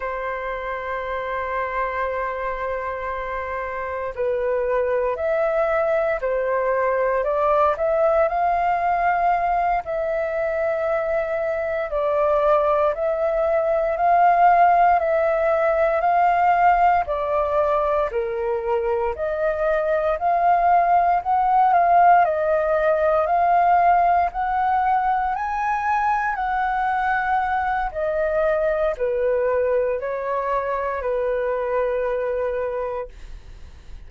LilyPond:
\new Staff \with { instrumentName = "flute" } { \time 4/4 \tempo 4 = 58 c''1 | b'4 e''4 c''4 d''8 e''8 | f''4. e''2 d''8~ | d''8 e''4 f''4 e''4 f''8~ |
f''8 d''4 ais'4 dis''4 f''8~ | f''8 fis''8 f''8 dis''4 f''4 fis''8~ | fis''8 gis''4 fis''4. dis''4 | b'4 cis''4 b'2 | }